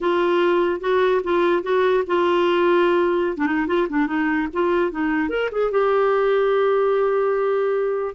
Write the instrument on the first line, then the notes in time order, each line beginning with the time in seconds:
clarinet
0.00 F4
0.80 F#4
1.23 F4
1.63 F#4
2.06 F4
3.37 D4
3.46 D#4
3.67 F4
3.89 D4
4.06 D#4
4.53 F4
4.91 D#4
5.29 A#4
5.51 G#4
5.71 G4